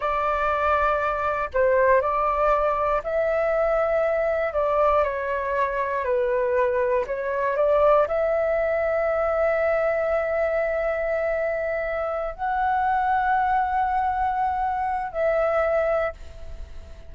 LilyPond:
\new Staff \with { instrumentName = "flute" } { \time 4/4 \tempo 4 = 119 d''2. c''4 | d''2 e''2~ | e''4 d''4 cis''2 | b'2 cis''4 d''4 |
e''1~ | e''1~ | e''8 fis''2.~ fis''8~ | fis''2 e''2 | }